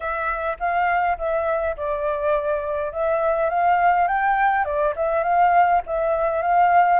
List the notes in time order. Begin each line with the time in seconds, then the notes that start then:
0.00 E5
0.59 F5
1.18 E5
1.76 D5
2.92 E5
3.49 F5
4.07 G5
4.64 D5
4.95 E5
5.23 F5
5.86 E5
6.42 F5